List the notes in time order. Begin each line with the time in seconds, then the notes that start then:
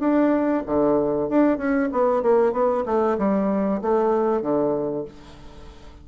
0.00 D4
0.67 D3
1.29 D4
1.58 C#4
1.92 B3
2.23 A#3
2.53 B3
2.86 A3
3.18 G3
3.82 A3
4.42 D3